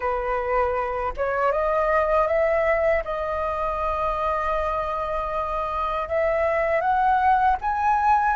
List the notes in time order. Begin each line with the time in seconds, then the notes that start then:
0.00 B4
1.16 C#5
1.52 D#5
2.27 E5
3.04 D#5
6.08 E5
6.80 F#5
7.61 G#5